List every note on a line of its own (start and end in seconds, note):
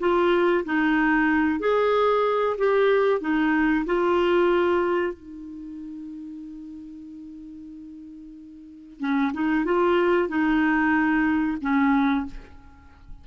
0.00 0.65 F4
0.65 1.60 D#4
1.60 2.57 G#4
2.58 3.21 G4
3.21 3.85 D#4
3.86 5.13 F4
5.13 9.00 D#4
9.00 9.32 C#4
9.33 9.65 D#4
9.65 10.29 F4
10.29 11.58 D#4
11.62 12.26 C#4